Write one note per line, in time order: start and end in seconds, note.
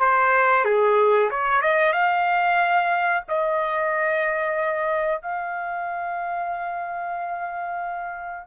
0.00 0.65 C5
0.65 1.30 G#4
1.31 1.62 C#5
1.62 1.93 D#5
1.93 3.24 F5
3.29 5.23 D#5
5.23 8.48 F5